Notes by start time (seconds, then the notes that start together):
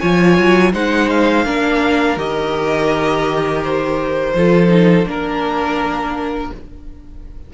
0.00 F3 F4 C#5 G#5
0.38 F#3
0.73 G#3 D#4 C5 F#5
1.10 F5
1.45 A#3 D4 A#4
2.17 D#3 G4 D#5
3.64 C5
4.34 F3 F4 A4
4.68 D#4
5.06 A#3 D4 A#4